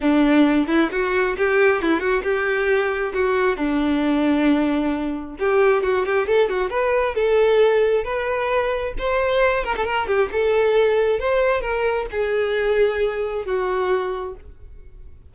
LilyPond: \new Staff \with { instrumentName = "violin" } { \time 4/4 \tempo 4 = 134 d'4. e'8 fis'4 g'4 | e'8 fis'8 g'2 fis'4 | d'1 | g'4 fis'8 g'8 a'8 fis'8 b'4 |
a'2 b'2 | c''4. ais'16 a'16 ais'8 g'8 a'4~ | a'4 c''4 ais'4 gis'4~ | gis'2 fis'2 | }